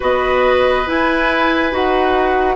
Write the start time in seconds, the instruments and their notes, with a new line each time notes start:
0.00 bassoon B3, clarinet F#4, oboe B4, flute D#5
0.86 clarinet E4, bassoon E4, flute G#5
1.70 bassoon D#4, clarinet F#4, flute F#5